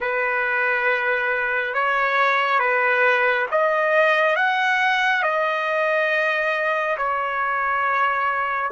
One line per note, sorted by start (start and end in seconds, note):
0.00 1.74 B4
1.74 2.59 C#5
2.59 3.46 B4
3.51 4.36 D#5
4.36 5.23 F#5
5.23 6.96 D#5
6.97 8.71 C#5